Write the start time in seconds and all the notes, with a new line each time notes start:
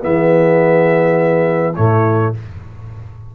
0.00 E3 B3 G#4 E5
1.75 A2 A3 E4 C#5